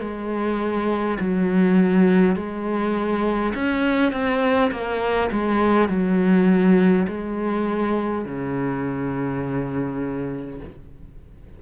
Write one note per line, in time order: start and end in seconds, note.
0.00 1.18 G#3
1.19 2.36 F#3
2.36 3.53 G#3
3.54 4.12 C#4
4.12 4.71 C4
4.71 5.30 A#3
5.32 5.89 G#3
5.89 7.06 F#3
7.07 8.25 G#3
8.25 10.60 C#3